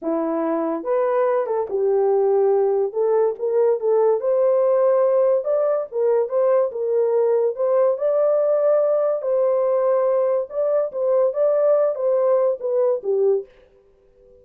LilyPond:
\new Staff \with { instrumentName = "horn" } { \time 4/4 \tempo 4 = 143 e'2 b'4. a'8 | g'2. a'4 | ais'4 a'4 c''2~ | c''4 d''4 ais'4 c''4 |
ais'2 c''4 d''4~ | d''2 c''2~ | c''4 d''4 c''4 d''4~ | d''8 c''4. b'4 g'4 | }